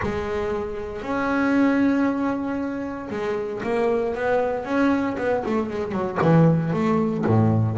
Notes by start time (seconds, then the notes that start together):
0.02 G#3
1.02 C#4
3.10 G#3
3.63 A#3
4.14 B3
4.64 C#4
5.17 B3
5.45 A3
5.70 G#3
5.92 F#3
6.21 E3
6.73 A3
7.26 A2